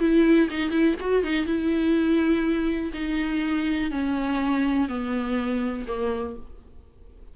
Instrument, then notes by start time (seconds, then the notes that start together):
viola
0.00 E4
0.50 D#4
0.71 E4
1.00 F#4
1.24 D#4
1.46 E4
2.94 D#4
3.91 C#4
4.89 B3
5.88 A#3